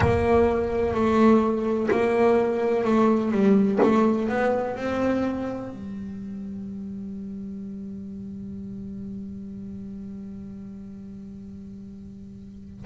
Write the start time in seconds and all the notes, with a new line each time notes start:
0.00 A#3
0.94 A3
1.90 A#3
2.84 A3
3.31 G3
3.82 A3
4.29 B3
4.76 C4
5.71 G3